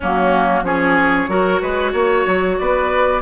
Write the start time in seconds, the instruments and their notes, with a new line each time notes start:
0.00 bassoon F#3, clarinet A#3, oboe C#4, flute F#4
0.62 bassoon F3, clarinet C#4, oboe G#4, flute C#5
1.28 bassoon F#3, clarinet F#4, oboe A#4
1.61 bassoon G#3, oboe B4
1.91 bassoon A#3, oboe C#5
2.26 bassoon F#3
2.58 bassoon B3, oboe B4, flute D5